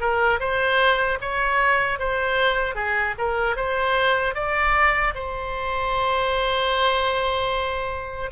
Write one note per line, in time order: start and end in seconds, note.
0.00 0.39 A#4
0.40 1.19 C5
1.21 1.99 C#5
1.99 2.75 C5
2.75 3.15 G#4
3.18 3.56 A#4
3.56 4.35 C5
4.35 5.14 D5
5.15 8.30 C5